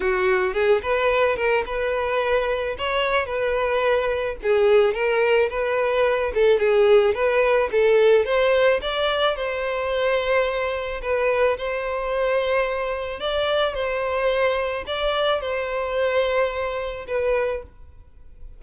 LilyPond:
\new Staff \with { instrumentName = "violin" } { \time 4/4 \tempo 4 = 109 fis'4 gis'8 b'4 ais'8 b'4~ | b'4 cis''4 b'2 | gis'4 ais'4 b'4. a'8 | gis'4 b'4 a'4 c''4 |
d''4 c''2. | b'4 c''2. | d''4 c''2 d''4 | c''2. b'4 | }